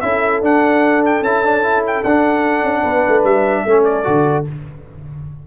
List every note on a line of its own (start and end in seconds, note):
0.00 0.41 C#4
0.00 0.42 E4
0.00 2.83 A4
0.00 0.40 E5
0.41 1.21 D4
0.41 1.23 D4
0.41 1.05 F#5
1.05 1.23 G5
1.21 2.02 C#4
1.21 1.44 E4
1.21 1.83 A5
1.44 1.63 D4
1.63 2.03 E4
1.86 2.04 G5
2.04 2.63 D4
2.04 3.68 D4
2.04 3.24 F#5
2.63 2.83 C#4
2.83 3.04 B3
2.83 3.63 B4
3.07 3.23 A3
3.23 3.64 G3
3.23 3.84 E5
3.65 4.05 A3
3.65 4.04 C#4
3.65 4.47 A4
3.84 4.44 D5
4.04 4.47 D3
4.04 4.44 F#4